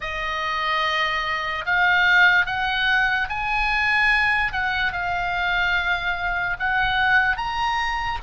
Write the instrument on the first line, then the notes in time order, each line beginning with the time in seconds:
oboe
0.00 D#5
1.65 F5
2.46 F#5
3.29 G#5
4.52 F#5
4.92 F5
6.59 F#5
7.36 A#5